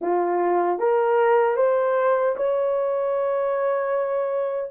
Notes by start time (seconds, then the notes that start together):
0.01 F4
0.79 A#4
1.56 C5
2.36 C#5